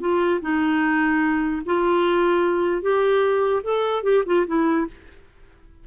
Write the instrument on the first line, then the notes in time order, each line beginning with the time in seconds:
clarinet
0.00 F4
0.41 D#4
1.65 F4
2.82 G4
3.63 A4
4.03 G4
4.26 F4
4.47 E4